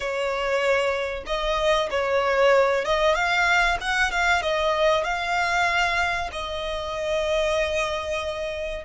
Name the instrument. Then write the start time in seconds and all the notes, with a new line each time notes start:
violin
0.00 C#5
1.26 D#5
1.90 C#5
2.84 D#5
3.14 F5
3.80 F#5
4.11 F5
4.42 D#5
5.04 F5
6.32 D#5